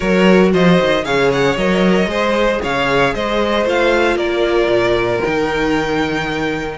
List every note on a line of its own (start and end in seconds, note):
0.00 0.53 F#3
0.00 1.01 F#4
0.00 0.52 A#4
0.00 0.51 C#5
0.52 0.79 F3
0.52 1.04 C5
0.52 1.04 D#5
0.80 1.05 D#3
1.04 1.56 C#3
1.04 1.56 G#4
1.04 2.09 C#5
1.04 1.31 F5
1.32 1.57 F#5
1.56 2.06 F#3
1.56 2.07 A#4
1.56 2.61 D#5
2.06 2.58 G#3
2.06 3.64 G#4
2.06 2.61 C5
2.62 3.14 C#3
2.62 3.14 C#5
2.62 3.14 F5
3.14 3.65 G#3
3.14 4.17 C5
3.14 3.66 D#5
3.65 4.16 A3
3.65 5.21 F4
3.65 4.17 F5
4.16 4.67 A#3
4.16 6.77 A#4
4.16 5.21 D5
4.67 5.19 A#2
5.22 6.78 D#3
5.22 6.78 D#4
5.22 6.78 G5